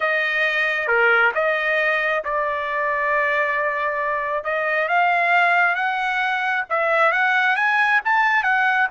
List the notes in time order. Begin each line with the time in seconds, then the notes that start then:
0.00 D#5
0.87 A#4
1.34 D#5
2.24 D5
4.43 D#5
4.88 F5
5.75 F#5
6.69 E5
7.12 F#5
7.56 G#5
8.04 A5
8.43 F#5